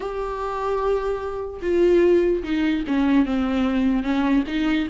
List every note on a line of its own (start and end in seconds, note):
0.00 1.60 G4
1.61 2.43 F4
2.43 2.84 D#4
2.87 3.25 C#4
3.25 4.03 C4
4.03 4.43 C#4
4.47 4.87 D#4